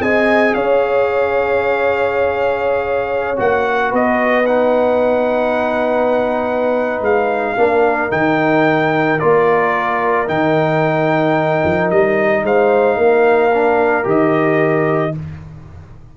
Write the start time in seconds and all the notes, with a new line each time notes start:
0.00 C4 G#4 D#5 G#5
0.54 C#4 C#5 F5
3.36 A#3 F#4 F#5
3.89 B3 B4 D#5
4.45 D#4 F#5
7.00 G#3 F5
7.57 A#3 D4 A#4
8.10 D#3 D#4 G5
9.19 A#3 F4 D5
10.26 D#3 D#4 G5
11.64 F3
11.90 G3 D#5
12.43 G#3 C5 F5
12.96 A#3 A#4
13.53 D4
14.03 D#3 G4 D#5